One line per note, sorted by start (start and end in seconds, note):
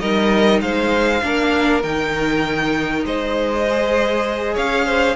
0.00 0.62 G3
0.00 1.22 D#4
0.00 0.61 A#4
0.00 0.61 D#5
0.61 1.22 G#3
0.61 1.24 C5
0.61 1.83 F5
1.23 1.84 A#3
1.23 1.83 D4
1.23 3.06 A#4
1.83 3.05 D#3
1.83 3.65 D#4
1.83 3.05 G5
3.05 4.56 G#3
3.05 4.55 C5
3.05 4.57 D#5
3.69 5.16 G#4
4.55 5.16 C#4
4.55 4.85 C#5
4.55 5.16 F5
4.86 5.16 C5